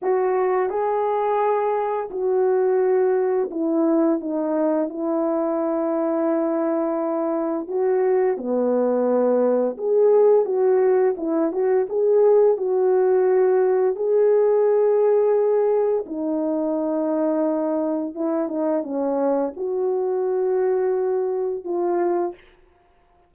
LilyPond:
\new Staff \with { instrumentName = "horn" } { \time 4/4 \tempo 4 = 86 fis'4 gis'2 fis'4~ | fis'4 e'4 dis'4 e'4~ | e'2. fis'4 | b2 gis'4 fis'4 |
e'8 fis'8 gis'4 fis'2 | gis'2. dis'4~ | dis'2 e'8 dis'8 cis'4 | fis'2. f'4 | }